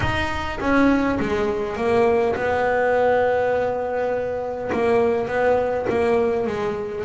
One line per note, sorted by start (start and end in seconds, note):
0.00 0.59 D#4
0.59 1.18 C#4
1.19 1.76 G#3
1.76 2.35 A#3
2.35 4.71 B3
4.72 5.27 A#3
5.27 5.86 B3
5.89 6.46 A#3
6.46 7.04 G#3